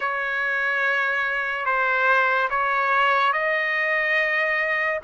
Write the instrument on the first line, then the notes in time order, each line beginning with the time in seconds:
trumpet
0.00 C#5
1.65 C5
2.50 C#5
3.33 D#5